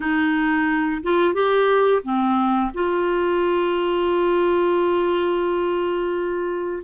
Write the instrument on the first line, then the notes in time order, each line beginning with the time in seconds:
clarinet
0.00 D#4
1.03 F4
1.34 G4
2.03 C4
2.74 F4